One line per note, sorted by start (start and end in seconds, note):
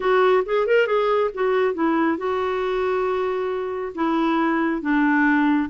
0.00 0.44 F#4
0.45 0.66 G#4
0.66 0.86 A#4
0.86 1.30 G#4
1.34 1.74 F#4
1.74 2.17 E4
2.17 3.93 F#4
3.94 4.81 E4
4.81 5.69 D4